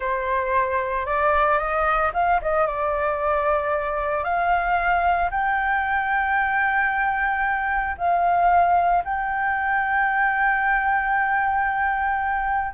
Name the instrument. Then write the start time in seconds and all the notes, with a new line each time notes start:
flute
0.00 C5
1.06 D5
1.58 D#5
2.13 F5
2.41 D#5
2.67 D5
4.24 F5
5.30 G5
7.97 F5
9.04 G5